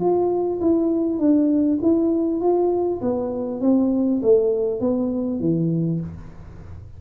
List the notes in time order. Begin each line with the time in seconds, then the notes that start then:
0.00 F4
0.61 E4
1.19 D4
1.82 E4
2.41 F4
3.01 B3
3.61 C4
4.22 A3
4.80 B3
5.40 E3